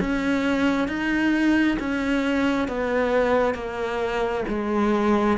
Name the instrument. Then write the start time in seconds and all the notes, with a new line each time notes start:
cello
0.00 C#4
0.88 D#4
1.79 C#4
2.68 B3
3.55 A#3
4.48 G#3